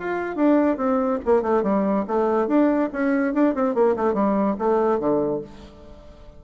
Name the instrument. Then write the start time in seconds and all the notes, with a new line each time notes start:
bassoon
0.00 F4
0.36 D4
0.77 C4
1.26 A#3
1.42 A3
1.63 G3
2.08 A3
2.48 D4
2.93 C#4
3.34 D4
3.55 C4
3.75 A#3
3.97 A3
4.14 G3
4.59 A3
4.99 D3